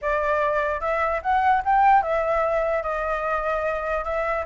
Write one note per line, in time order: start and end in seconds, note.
0.01 0.80 D5
0.80 1.21 E5
1.22 1.63 F#5
1.64 2.02 G5
2.02 2.82 E5
2.82 4.04 D#5
4.04 4.45 E5